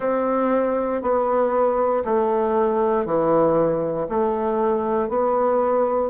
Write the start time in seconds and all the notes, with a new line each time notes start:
0.00 C4
1.02 B3
2.04 A3
3.05 E3
4.09 A3
5.08 B3